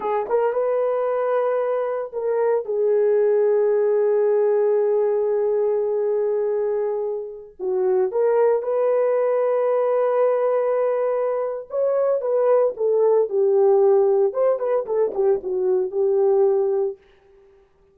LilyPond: \new Staff \with { instrumentName = "horn" } { \time 4/4 \tempo 4 = 113 gis'8 ais'8 b'2. | ais'4 gis'2.~ | gis'1~ | gis'2~ gis'16 fis'4 ais'8.~ |
ais'16 b'2.~ b'8.~ | b'2 cis''4 b'4 | a'4 g'2 c''8 b'8 | a'8 g'8 fis'4 g'2 | }